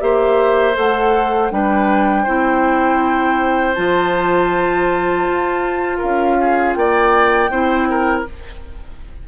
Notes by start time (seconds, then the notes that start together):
0.00 A#3 G4 C5 E5
0.73 A3 A4 F#5
1.50 G3 D4 B4 G5
2.23 C4 E4 C5
3.74 F3 F4 A5
5.28 F4
5.98 C#4 A#4 F5
6.40 G#4
6.73 A#3 D5 G5
7.50 C4 E4 C5
7.90 A#4